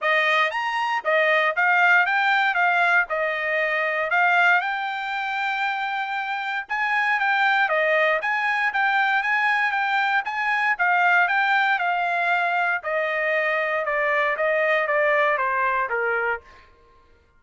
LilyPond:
\new Staff \with { instrumentName = "trumpet" } { \time 4/4 \tempo 4 = 117 dis''4 ais''4 dis''4 f''4 | g''4 f''4 dis''2 | f''4 g''2.~ | g''4 gis''4 g''4 dis''4 |
gis''4 g''4 gis''4 g''4 | gis''4 f''4 g''4 f''4~ | f''4 dis''2 d''4 | dis''4 d''4 c''4 ais'4 | }